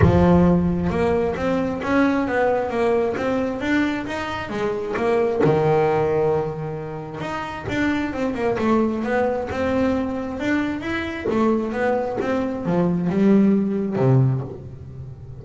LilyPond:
\new Staff \with { instrumentName = "double bass" } { \time 4/4 \tempo 4 = 133 f2 ais4 c'4 | cis'4 b4 ais4 c'4 | d'4 dis'4 gis4 ais4 | dis1 |
dis'4 d'4 c'8 ais8 a4 | b4 c'2 d'4 | e'4 a4 b4 c'4 | f4 g2 c4 | }